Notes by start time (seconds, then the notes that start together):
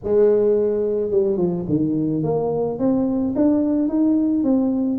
0.03 G#3
1.10 G3
1.37 F3
1.68 D#3
2.23 A#3
2.79 C4
3.35 D4
3.88 D#4
4.43 C4